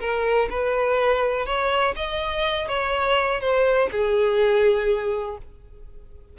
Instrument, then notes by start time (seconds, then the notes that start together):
violin
0.00 A#4
0.50 B4
1.46 C#5
1.96 D#5
2.68 C#5
3.41 C5
3.91 G#4